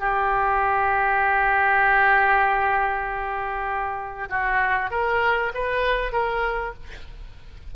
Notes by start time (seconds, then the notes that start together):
0.00 G4
4.30 F#4
4.91 A#4
5.55 B4
6.13 A#4